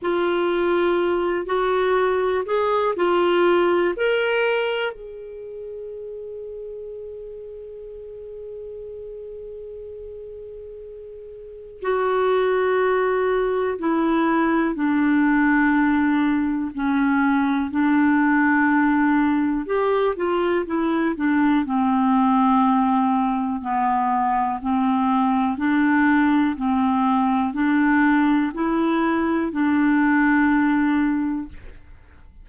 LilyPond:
\new Staff \with { instrumentName = "clarinet" } { \time 4/4 \tempo 4 = 61 f'4. fis'4 gis'8 f'4 | ais'4 gis'2.~ | gis'1 | fis'2 e'4 d'4~ |
d'4 cis'4 d'2 | g'8 f'8 e'8 d'8 c'2 | b4 c'4 d'4 c'4 | d'4 e'4 d'2 | }